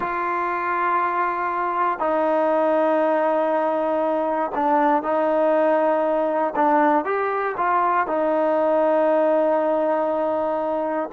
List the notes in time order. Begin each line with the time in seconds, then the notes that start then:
0.00 F4
1.99 D#4
4.54 D4
5.03 D#4
6.55 D4
7.04 G4
7.57 F4
8.07 D#4